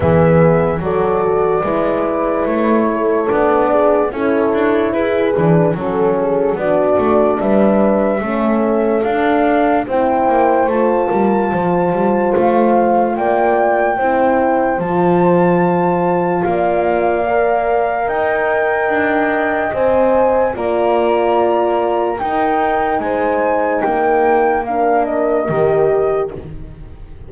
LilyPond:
<<
  \new Staff \with { instrumentName = "flute" } { \time 4/4 \tempo 4 = 73 e''4 d''2 cis''4 | d''4 cis''4 b'4 a'4 | d''4 e''2 f''4 | g''4 a''2 f''4 |
g''2 a''2 | f''2 g''2 | gis''4 ais''2 g''4 | gis''4 g''4 f''8 dis''4. | }
  \new Staff \with { instrumentName = "horn" } { \time 4/4 gis'4 a'4 b'4. a'8~ | a'8 gis'8 a'4 gis'4 a'8 gis'8 | fis'4 b'4 a'2 | c''4. ais'8 c''2 |
d''4 c''2. | d''2 dis''2~ | dis''4 d''2 ais'4 | c''4 ais'2. | }
  \new Staff \with { instrumentName = "horn" } { \time 4/4 b4 fis'4 e'2 | d'4 e'4. d'8 cis'4 | d'2 cis'4 d'4 | e'4 f'2.~ |
f'4 e'4 f'2~ | f'4 ais'2. | c''4 f'2 dis'4~ | dis'2 d'4 g'4 | }
  \new Staff \with { instrumentName = "double bass" } { \time 4/4 e4 fis4 gis4 a4 | b4 cis'8 d'8 e'8 e8 fis4 | b8 a8 g4 a4 d'4 | c'8 ais8 a8 g8 f8 g8 a4 |
ais4 c'4 f2 | ais2 dis'4 d'4 | c'4 ais2 dis'4 | gis4 ais2 dis4 | }
>>